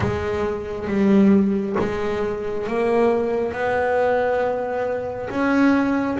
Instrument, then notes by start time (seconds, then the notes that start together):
double bass
0.00 G#3
0.87 G3
1.79 G#3
2.67 A#3
3.52 B3
5.29 C#4